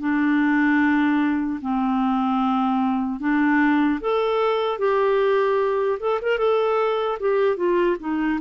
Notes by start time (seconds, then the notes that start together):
0.00 D4
1.62 C4
3.20 D4
4.01 A4
4.79 G4
6.00 A4
6.22 A#4
6.39 A4
7.20 G4
7.57 F4
8.00 D#4